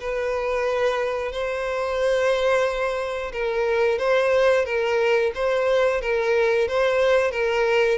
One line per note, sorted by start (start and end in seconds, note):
0.00 1.32 B4
1.32 3.32 C5
3.32 3.98 A#4
3.98 4.65 C5
4.65 5.32 A#4
5.35 6.01 C5
6.01 6.68 A#4
6.68 7.31 C5
7.31 7.98 A#4